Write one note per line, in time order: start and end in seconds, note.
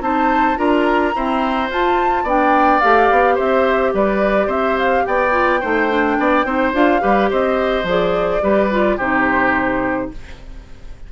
0.00 0.56 C4
0.00 0.56 D#4
0.00 0.58 C5
0.00 0.57 A5
0.56 1.13 D4
0.56 1.12 F4
0.56 1.14 A#4
0.56 1.69 A#5
1.14 1.70 C4
1.14 1.70 E4
1.14 2.23 C5
1.70 2.23 F4
1.70 2.27 F4
1.70 2.28 A5
2.23 2.79 B3
2.23 2.81 D4
2.23 3.34 D5
2.23 2.80 G5
2.80 3.10 A3
2.80 5.31 G4
2.80 3.36 F5
3.10 3.38 B3
3.34 3.93 C4
3.34 3.90 C5
3.34 3.93 E5
3.93 4.47 G3
3.93 4.46 B4
3.93 4.50 D5
4.46 5.03 C4
4.46 5.03 C5
4.46 4.78 E5
4.78 5.05 F5
5.05 5.62 B3
5.05 5.60 D5
5.05 6.73 G5
5.31 5.59 F4
5.60 6.18 A3
5.60 5.89 D#4
5.60 6.16 C5
5.89 6.45 D4
6.18 6.45 B3
6.18 6.45 D5
6.45 6.73 C4
6.45 6.73 D#4
6.45 7.01 C5
6.73 7.01 D4
6.73 7.00 F4
6.73 7.30 F5
7.00 7.31 G3
7.00 7.84 G4
7.00 7.29 B4
7.30 7.83 C4
7.30 8.42 C5
7.30 7.87 D#5
7.83 8.39 F3
7.83 8.41 G#4
7.83 8.99 D5
8.41 8.98 G3
8.41 8.69 G4
8.41 8.96 B4
8.71 8.99 F4
8.96 10.10 C3
8.96 10.12 D#4
8.96 10.09 G4
8.96 10.11 C5